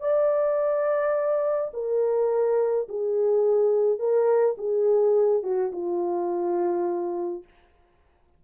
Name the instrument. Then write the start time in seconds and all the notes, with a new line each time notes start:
horn
0.00 D5
1.73 A#4
2.89 G#4
3.99 A#4
4.58 G#4
5.43 F#4
5.72 F4